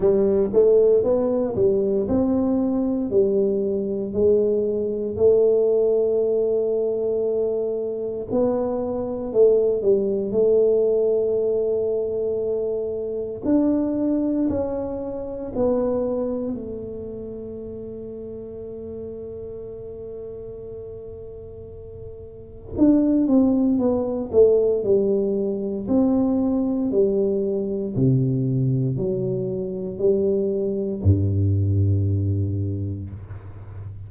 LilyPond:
\new Staff \with { instrumentName = "tuba" } { \time 4/4 \tempo 4 = 58 g8 a8 b8 g8 c'4 g4 | gis4 a2. | b4 a8 g8 a2~ | a4 d'4 cis'4 b4 |
a1~ | a2 d'8 c'8 b8 a8 | g4 c'4 g4 c4 | fis4 g4 g,2 | }